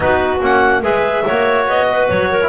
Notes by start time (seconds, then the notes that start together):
0.00 B3 D#4 F#4 B4
0.41 A#3 C#4 F#5
0.82 G#3 G#4 B4 E5
1.26 A#3 F#4 C#5
1.67 B3 D#5
1.89 B4
2.08 F#3 C#5
2.30 A#4
2.42 E4